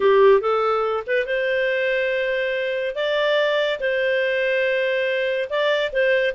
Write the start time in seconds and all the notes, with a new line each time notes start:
0.00 G4
0.40 A4
1.07 B4
1.26 C5
2.95 D5
3.80 C5
5.49 D5
5.92 C5